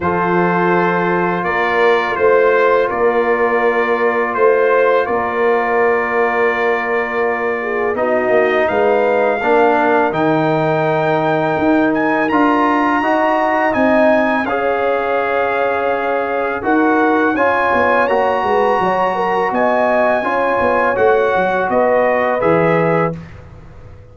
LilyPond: <<
  \new Staff \with { instrumentName = "trumpet" } { \time 4/4 \tempo 4 = 83 c''2 d''4 c''4 | d''2 c''4 d''4~ | d''2. dis''4 | f''2 g''2~ |
g''8 gis''8 ais''2 gis''4 | f''2. fis''4 | gis''4 ais''2 gis''4~ | gis''4 fis''4 dis''4 e''4 | }
  \new Staff \with { instrumentName = "horn" } { \time 4/4 a'2 ais'4 c''4 | ais'2 c''4 ais'4~ | ais'2~ ais'8 gis'8 fis'4 | b'4 ais'2.~ |
ais'2 dis''2 | cis''2. ais'4 | cis''4. b'8 cis''8 ais'8 dis''4 | cis''2 b'2 | }
  \new Staff \with { instrumentName = "trombone" } { \time 4/4 f'1~ | f'1~ | f'2. dis'4~ | dis'4 d'4 dis'2~ |
dis'4 f'4 fis'4 dis'4 | gis'2. fis'4 | f'4 fis'2. | f'4 fis'2 gis'4 | }
  \new Staff \with { instrumentName = "tuba" } { \time 4/4 f2 ais4 a4 | ais2 a4 ais4~ | ais2. b8 ais8 | gis4 ais4 dis2 |
dis'4 d'4 dis'4 c'4 | cis'2. dis'4 | cis'8 b8 ais8 gis8 fis4 b4 | cis'8 b8 a8 fis8 b4 e4 | }
>>